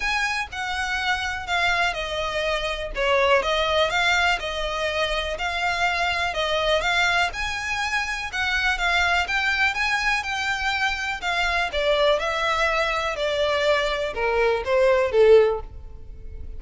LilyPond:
\new Staff \with { instrumentName = "violin" } { \time 4/4 \tempo 4 = 123 gis''4 fis''2 f''4 | dis''2 cis''4 dis''4 | f''4 dis''2 f''4~ | f''4 dis''4 f''4 gis''4~ |
gis''4 fis''4 f''4 g''4 | gis''4 g''2 f''4 | d''4 e''2 d''4~ | d''4 ais'4 c''4 a'4 | }